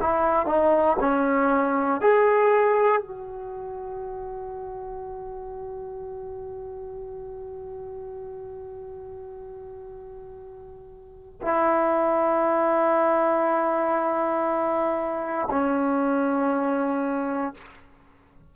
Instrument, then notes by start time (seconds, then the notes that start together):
trombone
0.00 E4
0.46 D#4
1.00 C#4
2.01 G#4
3.01 F#4
11.42 E4
15.50 C#4